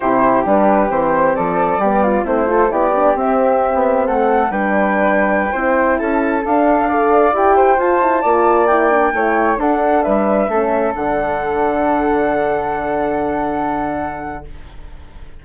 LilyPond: <<
  \new Staff \with { instrumentName = "flute" } { \time 4/4 \tempo 4 = 133 c''4 b'4 c''4 d''4~ | d''4 c''4 d''4 e''4~ | e''4 fis''4 g''2~ | g''4~ g''16 a''4 f''4.~ f''16~ |
f''16 g''4 a''2 g''8.~ | g''4~ g''16 fis''4 e''4.~ e''16~ | e''16 fis''2.~ fis''8.~ | fis''1 | }
  \new Staff \with { instrumentName = "flute" } { \time 4/4 g'2. a'4 | g'8 f'8 e'8 a'8 g'2~ | g'4 a'4 b'2~ | b'16 c''4 a'2 d''8.~ |
d''8. c''4. d''4.~ d''16~ | d''16 cis''4 a'4 b'4 a'8.~ | a'1~ | a'1 | }
  \new Staff \with { instrumentName = "horn" } { \time 4/4 e'4 d'4 c'2 | b4 c'8 f'8 e'8 d'8 c'4~ | c'2 d'2~ | d'16 e'2 d'4 a'8.~ |
a'16 g'4 f'8 e'8 f'4 e'8 d'16~ | d'16 e'4 d'2 cis'8.~ | cis'16 d'2.~ d'8.~ | d'1 | }
  \new Staff \with { instrumentName = "bassoon" } { \time 4/4 c4 g4 e4 f4 | g4 a4 b4 c'4~ | c'16 b8. a4 g2~ | g16 c'4 cis'4 d'4.~ d'16~ |
d'16 e'4 f'4 ais4.~ ais16~ | ais16 a4 d'4 g4 a8.~ | a16 d2.~ d8.~ | d1 | }
>>